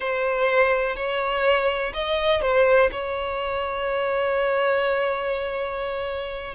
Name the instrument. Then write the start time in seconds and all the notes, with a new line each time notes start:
violin
0.00 C5
0.96 C#5
1.93 D#5
2.41 C5
2.91 C#5